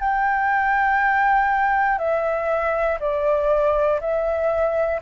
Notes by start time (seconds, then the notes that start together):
0.00 G5
1.98 E5
3.00 D5
4.00 E5